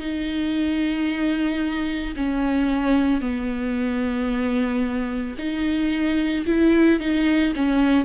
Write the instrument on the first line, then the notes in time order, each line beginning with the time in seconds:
viola
0.00 D#4
2.16 C#4
3.21 B3
5.38 D#4
6.46 E4
7.00 D#4
7.56 C#4